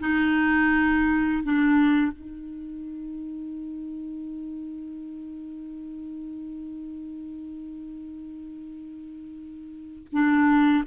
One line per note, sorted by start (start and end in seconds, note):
0.00 1.44 D#4
1.44 2.12 D4
2.12 10.07 D#4
10.12 10.85 D4